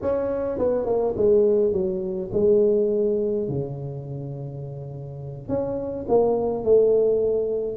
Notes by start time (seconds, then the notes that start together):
0.01 C#4
0.58 B3
0.85 A#3
1.16 G#3
1.72 F#3
2.33 G#3
3.48 C#3
5.48 C#4
6.08 A#3
6.63 A3